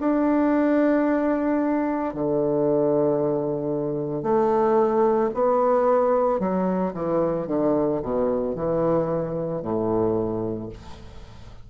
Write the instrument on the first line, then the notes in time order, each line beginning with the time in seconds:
bassoon
0.00 D4
2.14 D3
4.23 A3
5.34 B3
6.40 F#3
6.94 E3
7.48 D3
8.02 B2
8.55 E3
9.62 A2